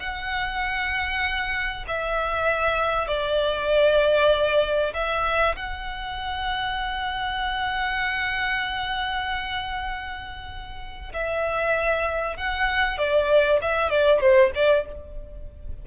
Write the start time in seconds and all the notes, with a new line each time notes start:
0.00 F#5
1.88 E5
3.08 D5
4.94 E5
5.56 F#5
11.13 E5
12.37 F#5
12.98 D5
13.62 E5
13.90 D5
14.20 C5
14.55 D5